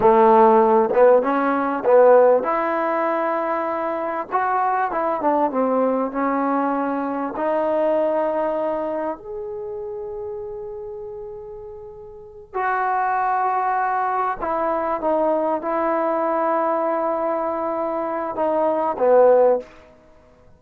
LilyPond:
\new Staff \with { instrumentName = "trombone" } { \time 4/4 \tempo 4 = 98 a4. b8 cis'4 b4 | e'2. fis'4 | e'8 d'8 c'4 cis'2 | dis'2. gis'4~ |
gis'1~ | gis'8 fis'2. e'8~ | e'8 dis'4 e'2~ e'8~ | e'2 dis'4 b4 | }